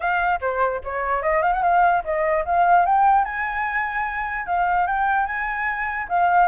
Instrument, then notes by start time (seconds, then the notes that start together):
flute
0.00 F5
0.40 C5
0.84 C#5
1.22 D#5
1.42 F5
1.52 F#5
1.63 F5
2.04 D#5
2.45 F5
2.85 G5
3.24 G#5
4.46 F5
4.86 G5
5.26 G#5
6.08 F5